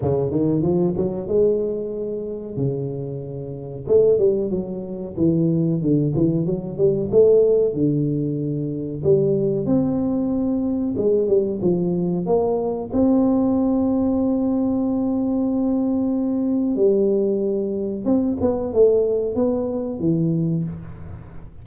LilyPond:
\new Staff \with { instrumentName = "tuba" } { \time 4/4 \tempo 4 = 93 cis8 dis8 f8 fis8 gis2 | cis2 a8 g8 fis4 | e4 d8 e8 fis8 g8 a4 | d2 g4 c'4~ |
c'4 gis8 g8 f4 ais4 | c'1~ | c'2 g2 | c'8 b8 a4 b4 e4 | }